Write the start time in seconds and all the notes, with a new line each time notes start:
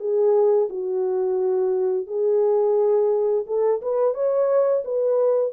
0.00 G#4
0.70 F#4
2.07 G#4
3.47 A4
3.82 B4
4.14 C#5
4.85 B4